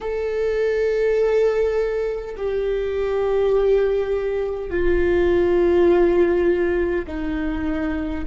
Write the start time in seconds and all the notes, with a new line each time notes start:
0.00 A4
2.36 G4
4.70 F4
7.07 D#4